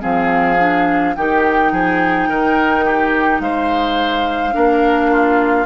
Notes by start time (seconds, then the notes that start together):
0.00 F3 C4 G#4 F5
0.58 D4
1.14 D#3 D#4 G4 G5
1.71 F3 G#4
2.28 D#3 A#4
2.85 G4
3.39 G#3 C5 F5
4.52 A#3 D4 A#4
5.11 F4